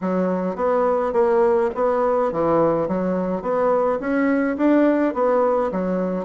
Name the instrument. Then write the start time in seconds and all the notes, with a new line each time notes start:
bassoon
0.01 F#3
0.55 B3
1.12 A#3
1.74 B3
2.31 E3
2.88 F#3
3.42 B3
3.99 C#4
4.57 D4
5.14 B3
5.71 F#3